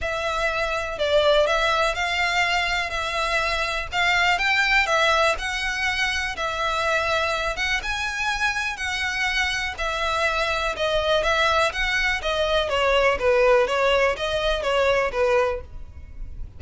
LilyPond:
\new Staff \with { instrumentName = "violin" } { \time 4/4 \tempo 4 = 123 e''2 d''4 e''4 | f''2 e''2 | f''4 g''4 e''4 fis''4~ | fis''4 e''2~ e''8 fis''8 |
gis''2 fis''2 | e''2 dis''4 e''4 | fis''4 dis''4 cis''4 b'4 | cis''4 dis''4 cis''4 b'4 | }